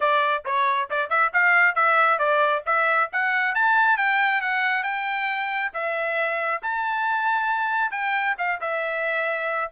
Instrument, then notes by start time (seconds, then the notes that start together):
trumpet
0.00 D5
0.45 C#5
0.90 D5
1.09 E5
1.33 F5
1.75 E5
2.18 D5
2.66 E5
3.12 F#5
3.55 A5
3.97 G5
4.41 F#5
4.83 G5
5.73 E5
6.62 A5
7.91 G5
8.38 F5
8.60 E5